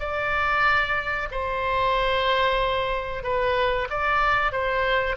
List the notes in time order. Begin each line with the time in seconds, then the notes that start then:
0.00 D5
1.32 C5
3.24 B4
3.90 D5
4.52 C5